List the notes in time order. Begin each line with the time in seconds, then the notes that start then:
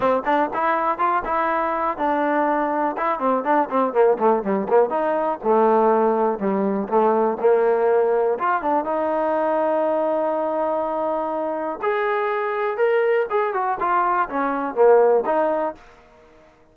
0.00 C4
0.25 D4
0.53 E4
0.98 F4
1.24 E4
1.97 D4
2.97 E4
3.19 C4
3.44 D4
3.70 C4
3.93 A#3
4.18 A3
4.43 G3
4.68 A#3
4.89 D#4
5.43 A3
6.38 G3
6.88 A3
7.39 A#3
8.39 F4
8.62 D4
8.84 D#4
11.81 G#4
12.77 A#4
13.29 G#4
13.53 F#4
13.80 F4
14.29 C#4
14.74 A#3
15.25 D#4